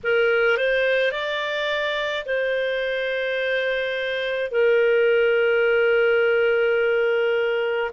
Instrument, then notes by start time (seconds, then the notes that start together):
clarinet
0.03 A#4
0.57 C5
1.11 D5
2.25 C5
4.51 A#4